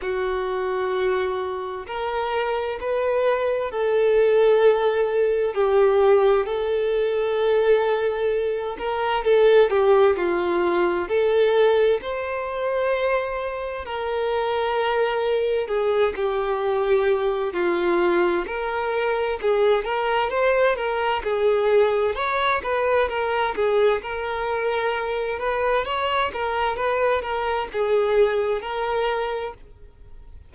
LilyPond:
\new Staff \with { instrumentName = "violin" } { \time 4/4 \tempo 4 = 65 fis'2 ais'4 b'4 | a'2 g'4 a'4~ | a'4. ais'8 a'8 g'8 f'4 | a'4 c''2 ais'4~ |
ais'4 gis'8 g'4. f'4 | ais'4 gis'8 ais'8 c''8 ais'8 gis'4 | cis''8 b'8 ais'8 gis'8 ais'4. b'8 | cis''8 ais'8 b'8 ais'8 gis'4 ais'4 | }